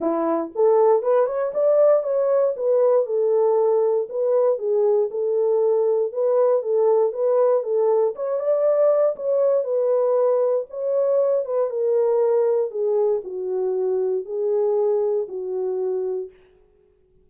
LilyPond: \new Staff \with { instrumentName = "horn" } { \time 4/4 \tempo 4 = 118 e'4 a'4 b'8 cis''8 d''4 | cis''4 b'4 a'2 | b'4 gis'4 a'2 | b'4 a'4 b'4 a'4 |
cis''8 d''4. cis''4 b'4~ | b'4 cis''4. b'8 ais'4~ | ais'4 gis'4 fis'2 | gis'2 fis'2 | }